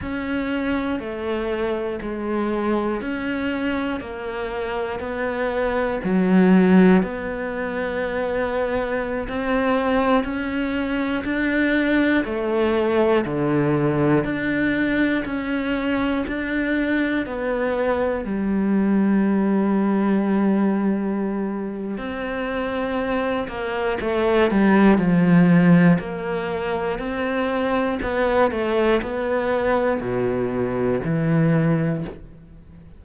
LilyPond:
\new Staff \with { instrumentName = "cello" } { \time 4/4 \tempo 4 = 60 cis'4 a4 gis4 cis'4 | ais4 b4 fis4 b4~ | b4~ b16 c'4 cis'4 d'8.~ | d'16 a4 d4 d'4 cis'8.~ |
cis'16 d'4 b4 g4.~ g16~ | g2 c'4. ais8 | a8 g8 f4 ais4 c'4 | b8 a8 b4 b,4 e4 | }